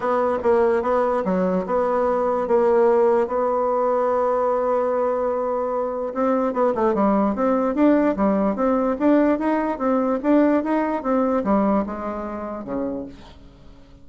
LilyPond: \new Staff \with { instrumentName = "bassoon" } { \time 4/4 \tempo 4 = 147 b4 ais4 b4 fis4 | b2 ais2 | b1~ | b2. c'4 |
b8 a8 g4 c'4 d'4 | g4 c'4 d'4 dis'4 | c'4 d'4 dis'4 c'4 | g4 gis2 cis4 | }